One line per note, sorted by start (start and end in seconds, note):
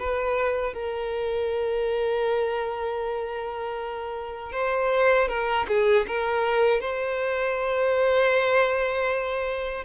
0.00 0.74 B4
0.74 4.53 A#4
4.53 5.29 C5
5.29 5.67 A#4
5.69 6.07 G#4
6.08 6.81 A#4
6.81 9.85 C5